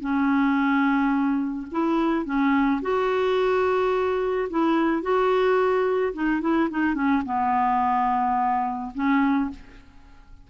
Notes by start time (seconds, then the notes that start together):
0.00 C#4
1.71 E4
2.25 C#4
2.82 F#4
4.50 E4
5.02 F#4
6.13 D#4
6.41 E4
6.70 D#4
6.94 C#4
7.25 B3
8.94 C#4